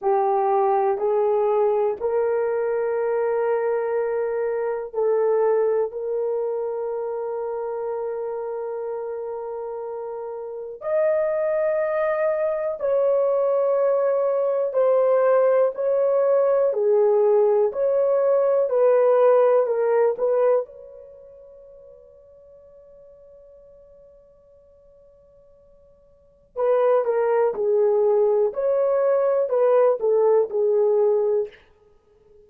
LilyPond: \new Staff \with { instrumentName = "horn" } { \time 4/4 \tempo 4 = 61 g'4 gis'4 ais'2~ | ais'4 a'4 ais'2~ | ais'2. dis''4~ | dis''4 cis''2 c''4 |
cis''4 gis'4 cis''4 b'4 | ais'8 b'8 cis''2.~ | cis''2. b'8 ais'8 | gis'4 cis''4 b'8 a'8 gis'4 | }